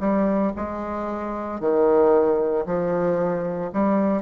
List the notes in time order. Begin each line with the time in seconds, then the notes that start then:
0.00 G3
0.56 G#3
1.60 D#3
2.66 F3
3.73 G3